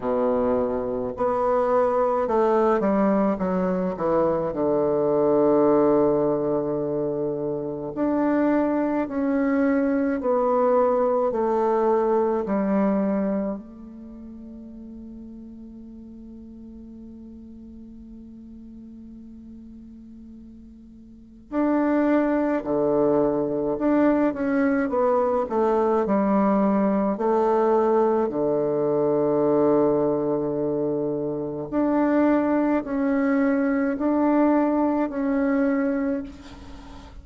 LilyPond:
\new Staff \with { instrumentName = "bassoon" } { \time 4/4 \tempo 4 = 53 b,4 b4 a8 g8 fis8 e8 | d2. d'4 | cis'4 b4 a4 g4 | a1~ |
a2. d'4 | d4 d'8 cis'8 b8 a8 g4 | a4 d2. | d'4 cis'4 d'4 cis'4 | }